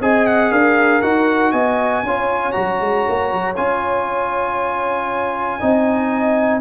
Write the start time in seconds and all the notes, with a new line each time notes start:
0.00 C4 G#4 D#5 G#5
0.26 F#5
0.51 D4 A#4 F5
1.01 D#4 F#4 F#5
1.51 B3 D#5 G#5
2.03 C#4 F4 C#5
2.52 F#3 F#4 A#5
2.80 G#3
3.08 A#3
3.32 F#3
3.56 C#4 F4 G#5
5.59 C4 D#4 D#5